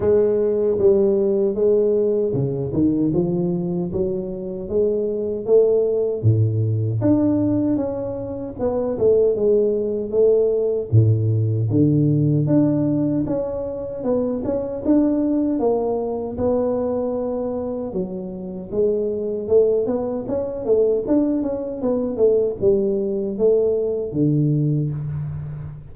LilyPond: \new Staff \with { instrumentName = "tuba" } { \time 4/4 \tempo 4 = 77 gis4 g4 gis4 cis8 dis8 | f4 fis4 gis4 a4 | a,4 d'4 cis'4 b8 a8 | gis4 a4 a,4 d4 |
d'4 cis'4 b8 cis'8 d'4 | ais4 b2 fis4 | gis4 a8 b8 cis'8 a8 d'8 cis'8 | b8 a8 g4 a4 d4 | }